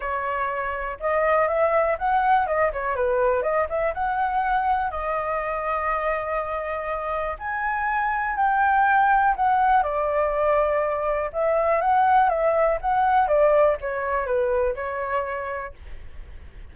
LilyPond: \new Staff \with { instrumentName = "flute" } { \time 4/4 \tempo 4 = 122 cis''2 dis''4 e''4 | fis''4 dis''8 cis''8 b'4 dis''8 e''8 | fis''2 dis''2~ | dis''2. gis''4~ |
gis''4 g''2 fis''4 | d''2. e''4 | fis''4 e''4 fis''4 d''4 | cis''4 b'4 cis''2 | }